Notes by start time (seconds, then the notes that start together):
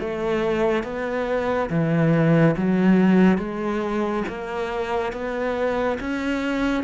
0.00 A3
0.84 B3
1.70 E3
2.58 F#3
3.38 G#3
4.29 A#3
5.13 B3
6.00 C#4